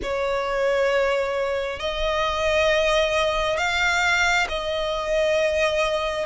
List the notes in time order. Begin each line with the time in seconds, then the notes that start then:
0.02 C#5
1.79 D#5
3.57 F5
4.48 D#5